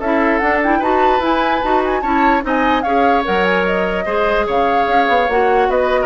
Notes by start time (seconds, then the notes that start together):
0.00 C#4 E4 A4 E5
0.39 D4 F#5
0.64 E4 G5
0.79 D#4 F#4 B4 A5
1.20 E4 G#5
1.62 D#4 F#4 A5
1.85 G#5
2.02 C#4 E4 C#5 A5
2.42 C4 D#4 D#5 G#5
2.83 C#4 G#4 C#5 F5
3.24 F#3 A#4 F#5
3.45 G#5
3.66 D#5
4.06 G#3 G#4 C5
4.47 C#3 C#5 F5
4.88 C#4
5.09 B3
5.29 A#3 F#4 F#5
5.69 B3 B4 D#5
6.02 A#4